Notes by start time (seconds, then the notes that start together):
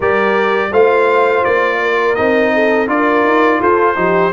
0.00 G3 G4 A#4 D5
0.71 A3 F4 C5 F5
1.44 A#3 D5
1.82 A#4
2.15 C4 D#4 D#5
2.54 A4
2.87 D4 F4 A#4 D5
3.23 D#4
3.60 F4 A4 C5
3.95 F3 D#4 G4